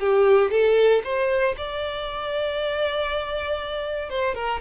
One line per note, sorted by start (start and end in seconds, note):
0.00 0.51 G4
0.51 1.02 A4
1.04 1.55 C5
1.58 4.10 D5
4.10 4.35 C5
4.35 4.61 A#4